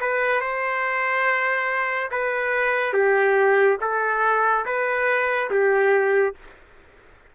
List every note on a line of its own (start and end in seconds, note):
0.00 0.40 B4
0.40 2.09 C5
2.10 2.93 B4
2.93 3.77 G4
3.80 4.65 A4
4.65 5.50 B4
5.50 6.34 G4